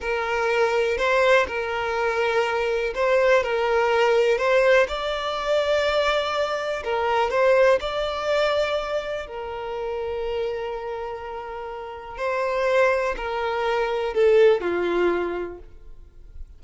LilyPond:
\new Staff \with { instrumentName = "violin" } { \time 4/4 \tempo 4 = 123 ais'2 c''4 ais'4~ | ais'2 c''4 ais'4~ | ais'4 c''4 d''2~ | d''2 ais'4 c''4 |
d''2. ais'4~ | ais'1~ | ais'4 c''2 ais'4~ | ais'4 a'4 f'2 | }